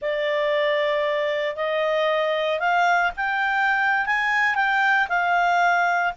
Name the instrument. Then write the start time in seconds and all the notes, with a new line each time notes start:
clarinet
0.01 D5
1.55 D#5
2.59 F5
3.16 G5
4.06 G#5
4.55 G5
5.09 F5